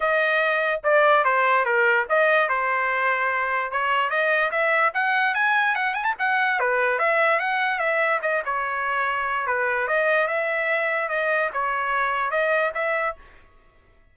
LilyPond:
\new Staff \with { instrumentName = "trumpet" } { \time 4/4 \tempo 4 = 146 dis''2 d''4 c''4 | ais'4 dis''4 c''2~ | c''4 cis''4 dis''4 e''4 | fis''4 gis''4 fis''8 gis''16 a''16 fis''4 |
b'4 e''4 fis''4 e''4 | dis''8 cis''2~ cis''8 b'4 | dis''4 e''2 dis''4 | cis''2 dis''4 e''4 | }